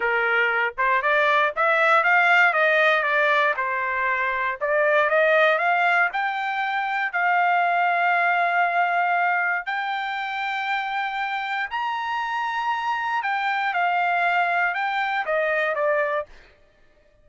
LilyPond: \new Staff \with { instrumentName = "trumpet" } { \time 4/4 \tempo 4 = 118 ais'4. c''8 d''4 e''4 | f''4 dis''4 d''4 c''4~ | c''4 d''4 dis''4 f''4 | g''2 f''2~ |
f''2. g''4~ | g''2. ais''4~ | ais''2 g''4 f''4~ | f''4 g''4 dis''4 d''4 | }